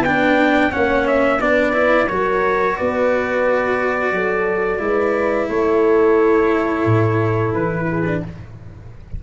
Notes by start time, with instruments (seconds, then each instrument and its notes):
0.00 tuba B3, horn B4, trumpet G5
0.07 cello D4
0.71 tuba A#3, cello C#4, horn C#5, trumpet F#5
1.07 trumpet E5
1.40 tuba B3, cello D4, horn B4, trumpet D5
1.73 cello E4
2.08 tuba F#3, cello F#4, horn A#4, trumpet C#5
2.77 tuba B3, horn B4, trumpet D5
4.12 tuba F#3, horn A4
4.79 tuba G#3, cello E4, horn B4
5.49 tuba A3, horn A4, trumpet C#5
6.86 tuba A2
7.55 tuba E3, trumpet B4
7.89 horn G#4
8.07 cello D4